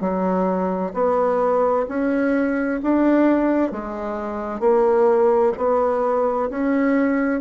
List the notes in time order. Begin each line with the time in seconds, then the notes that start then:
0.00 F#3
0.94 B3
1.88 C#4
2.82 D4
3.71 G#3
4.60 A#3
5.57 B3
6.50 C#4